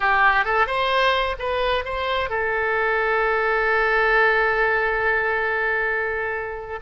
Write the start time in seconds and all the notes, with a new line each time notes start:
0.00 G4
0.44 A4
0.66 C5
1.38 B4
1.84 C5
2.29 A4